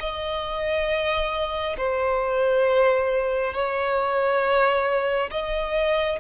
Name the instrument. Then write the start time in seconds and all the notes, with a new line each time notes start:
violin
0.00 D#5
1.77 C5
3.54 C#5
5.31 D#5